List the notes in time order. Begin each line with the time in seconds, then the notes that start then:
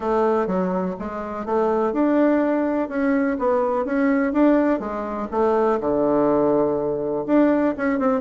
0.00 A3
0.46 F#3
0.99 G#3
1.45 A3
1.92 D4
2.89 C#4
3.38 B3
3.85 C#4
4.32 D4
4.79 G#3
5.31 A3
5.80 D3
7.26 D4
7.77 C#4
7.99 C4